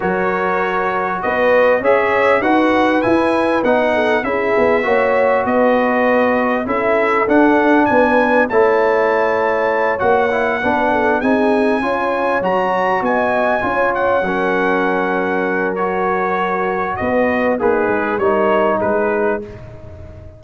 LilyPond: <<
  \new Staff \with { instrumentName = "trumpet" } { \time 4/4 \tempo 4 = 99 cis''2 dis''4 e''4 | fis''4 gis''4 fis''4 e''4~ | e''4 dis''2 e''4 | fis''4 gis''4 a''2~ |
a''8 fis''2 gis''4.~ | gis''8 ais''4 gis''4. fis''4~ | fis''2 cis''2 | dis''4 b'4 cis''4 b'4 | }
  \new Staff \with { instrumentName = "horn" } { \time 4/4 ais'2 b'4 cis''4 | b'2~ b'8 a'8 gis'4 | cis''4 b'2 a'4~ | a'4 b'4 cis''2~ |
cis''4. b'8 a'8 gis'4 cis''8~ | cis''4. dis''4 cis''4 ais'8~ | ais'1 | b'4 dis'4 ais'4 gis'4 | }
  \new Staff \with { instrumentName = "trombone" } { \time 4/4 fis'2. gis'4 | fis'4 e'4 dis'4 e'4 | fis'2. e'4 | d'2 e'2~ |
e'8 fis'8 e'8 d'4 dis'4 f'8~ | f'8 fis'2 f'4 cis'8~ | cis'2 fis'2~ | fis'4 gis'4 dis'2 | }
  \new Staff \with { instrumentName = "tuba" } { \time 4/4 fis2 b4 cis'4 | dis'4 e'4 b4 cis'8 b8 | ais4 b2 cis'4 | d'4 b4 a2~ |
a8 ais4 b4 c'4 cis'8~ | cis'8 fis4 b4 cis'4 fis8~ | fis1 | b4 ais8 gis8 g4 gis4 | }
>>